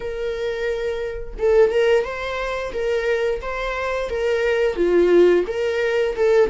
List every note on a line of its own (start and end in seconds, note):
0.00 1.34 A#4
1.38 1.70 A4
1.70 2.04 A#4
2.04 2.72 C5
2.72 3.41 A#4
3.41 4.09 C5
4.09 4.76 A#4
4.76 5.44 F4
5.47 6.15 A#4
6.15 6.50 A4